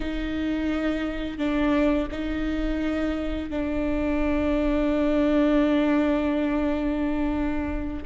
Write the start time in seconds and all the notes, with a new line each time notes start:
0.00 D#4
1.38 D4
2.11 D#4
3.49 D4